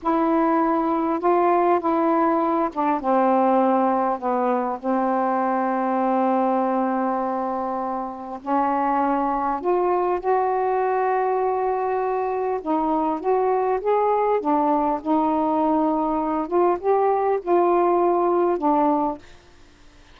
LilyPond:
\new Staff \with { instrumentName = "saxophone" } { \time 4/4 \tempo 4 = 100 e'2 f'4 e'4~ | e'8 d'8 c'2 b4 | c'1~ | c'2 cis'2 |
f'4 fis'2.~ | fis'4 dis'4 fis'4 gis'4 | d'4 dis'2~ dis'8 f'8 | g'4 f'2 d'4 | }